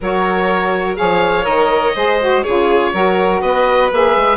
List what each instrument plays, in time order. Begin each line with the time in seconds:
0.00 bassoon F#3, saxophone F#4, violin A#4, oboe C#5
0.96 bassoon F3, saxophone G#4, violin C#5, oboe F5
1.43 bassoon D#3, saxophone A#4, oboe D#5
1.95 bassoon G#3, saxophone G#4, violin C5
2.20 saxophone F#4
2.43 bassoon C#3, saxophone F4, violin G#4, oboe C#5
2.93 bassoon F#3, saxophone F#4, violin A#4
3.41 bassoon B3, violin B4, oboe D#5
3.92 bassoon A#3, saxophone G#4, oboe E5
4.15 bassoon G#3